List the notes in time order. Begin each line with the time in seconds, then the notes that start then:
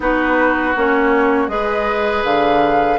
0.00 B3 D#4 F#4 B4
0.76 A#3 C#4 C#5
1.48 G#3 G#4 B4 D#5
2.24 D3 F5